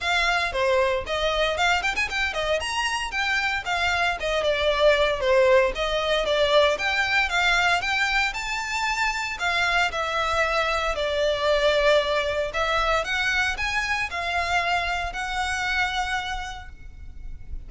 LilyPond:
\new Staff \with { instrumentName = "violin" } { \time 4/4 \tempo 4 = 115 f''4 c''4 dis''4 f''8 g''16 gis''16 | g''8 dis''8 ais''4 g''4 f''4 | dis''8 d''4. c''4 dis''4 | d''4 g''4 f''4 g''4 |
a''2 f''4 e''4~ | e''4 d''2. | e''4 fis''4 gis''4 f''4~ | f''4 fis''2. | }